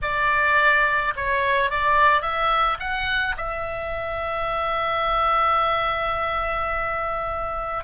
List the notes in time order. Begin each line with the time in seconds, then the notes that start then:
0.02 D5
1.16 C#5
1.70 D5
2.21 E5
2.79 F#5
3.37 E5